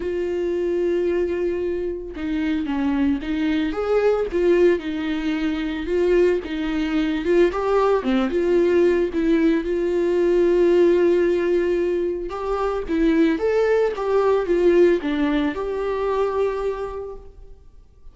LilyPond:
\new Staff \with { instrumentName = "viola" } { \time 4/4 \tempo 4 = 112 f'1 | dis'4 cis'4 dis'4 gis'4 | f'4 dis'2 f'4 | dis'4. f'8 g'4 c'8 f'8~ |
f'4 e'4 f'2~ | f'2. g'4 | e'4 a'4 g'4 f'4 | d'4 g'2. | }